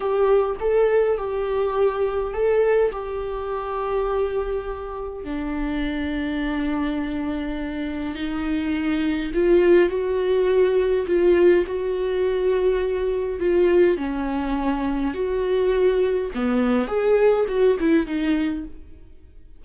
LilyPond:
\new Staff \with { instrumentName = "viola" } { \time 4/4 \tempo 4 = 103 g'4 a'4 g'2 | a'4 g'2.~ | g'4 d'2.~ | d'2 dis'2 |
f'4 fis'2 f'4 | fis'2. f'4 | cis'2 fis'2 | b4 gis'4 fis'8 e'8 dis'4 | }